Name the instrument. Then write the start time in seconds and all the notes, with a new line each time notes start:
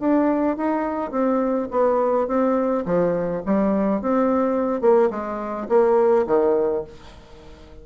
bassoon
0.00 D4
0.57 D#4
1.11 C4
1.71 B3
2.28 C4
2.86 F3
3.46 G3
4.02 C4
4.81 A#3
5.11 G#3
5.69 A#3
6.27 D#3